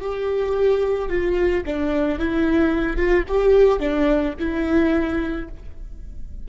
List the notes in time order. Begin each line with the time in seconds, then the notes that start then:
0.00 G4
1.09 F4
1.65 D4
2.19 E4
2.97 F4
3.28 G4
3.79 D4
4.39 E4